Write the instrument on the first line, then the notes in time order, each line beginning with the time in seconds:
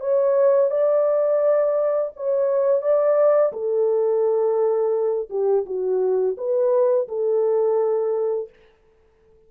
horn
0.00 C#5
0.71 D5
2.16 C#5
2.81 D5
3.52 A4
5.30 G4
5.66 F#4
6.37 B4
7.08 A4